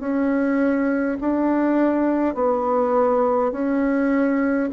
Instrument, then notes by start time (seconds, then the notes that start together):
bassoon
0.00 C#4
1.21 D4
2.35 B3
3.52 C#4